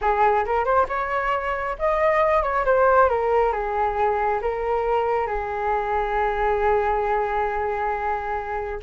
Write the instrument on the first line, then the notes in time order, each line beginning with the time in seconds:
flute
0.01 G#4
0.45 A#4
0.64 C5
0.88 C#5
1.78 D#5
2.42 C#5
2.65 C5
3.09 A#4
3.52 G#4
4.41 A#4
5.26 G#4